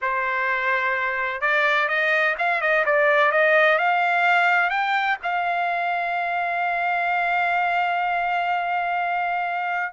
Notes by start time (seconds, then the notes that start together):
0.01 C5
1.41 D5
1.88 D#5
2.38 F5
2.61 D#5
2.85 D5
3.31 D#5
3.78 F5
4.70 G5
5.22 F5